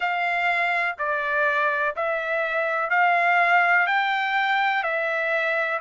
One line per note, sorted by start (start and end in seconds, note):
0.00 0.95 F5
0.98 1.95 D5
1.96 2.89 E5
2.89 3.86 F5
3.86 4.83 G5
4.83 5.80 E5